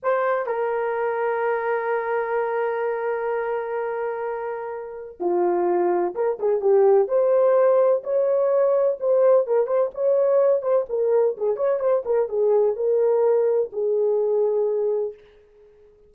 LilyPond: \new Staff \with { instrumentName = "horn" } { \time 4/4 \tempo 4 = 127 c''4 ais'2.~ | ais'1~ | ais'2. f'4~ | f'4 ais'8 gis'8 g'4 c''4~ |
c''4 cis''2 c''4 | ais'8 c''8 cis''4. c''8 ais'4 | gis'8 cis''8 c''8 ais'8 gis'4 ais'4~ | ais'4 gis'2. | }